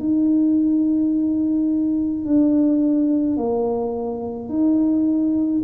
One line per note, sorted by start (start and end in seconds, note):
0.00 2.25 D#4
2.25 3.38 D4
3.38 4.49 A#3
4.49 5.62 D#4